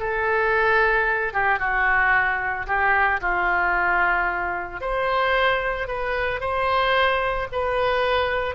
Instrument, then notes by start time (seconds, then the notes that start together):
oboe
0.00 A4
1.34 G4
1.60 F#4
2.67 G4
3.21 F4
4.81 C5
5.88 B4
6.41 C5
7.52 B4